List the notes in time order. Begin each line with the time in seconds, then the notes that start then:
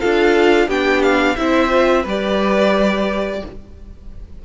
0.00 D4 F4 A4 F5
0.68 B3 D4 G4 G5
1.03 F5
1.37 C4 E4 C5 E5
1.69 F4
2.03 G3 G4 B4
2.09 D5